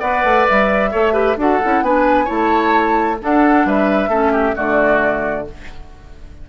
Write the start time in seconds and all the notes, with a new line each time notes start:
0.00 B3 B4 D5 F#5
0.24 A3
0.48 G3 E5
0.92 A3 A4 C#5
1.13 G4 B4
1.37 D4 F#4 A4 F#5
1.63 C#4 E4
1.82 B3 D4 B4 G#5
2.25 A3 E4 C#5 A5
3.22 D4 A4 F#5
3.66 G3 B4 E5
4.08 A3 C#4 A4
4.32 G4
4.55 D3 A3 F#4 D5